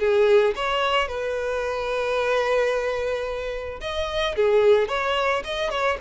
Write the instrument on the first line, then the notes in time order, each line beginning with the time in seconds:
violin
0.00 G#4
0.56 C#5
1.08 B4
3.81 D#5
4.36 G#4
4.89 C#5
5.45 D#5
5.70 C#5